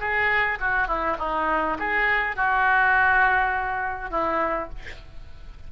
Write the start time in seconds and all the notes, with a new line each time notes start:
0.00 G#4
0.60 F#4
0.88 E4
1.19 D#4
1.79 G#4
2.36 F#4
4.11 E4